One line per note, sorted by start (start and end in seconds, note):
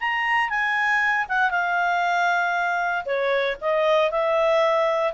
0.00 0.49 A#5
0.49 1.26 G#5
1.29 1.51 F#5
1.51 3.04 F5
3.05 3.57 C#5
3.61 4.11 D#5
4.11 5.14 E5